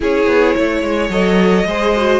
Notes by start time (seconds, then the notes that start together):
0.00 C#4 E4 G#4 C#5
0.26 B3
0.56 A3 C#5
0.82 G#3
1.09 F#3 A4 D#5
1.65 G#3 G#4 C5
1.96 F#4